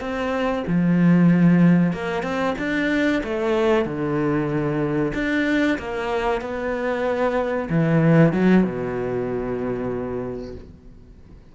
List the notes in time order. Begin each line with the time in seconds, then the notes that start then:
0.00 C4
0.67 F3
1.92 A#3
2.22 C4
2.58 D4
3.24 A3
3.85 D3
5.14 D4
5.78 A#3
6.41 B3
7.69 E3
8.33 F#3
8.63 B2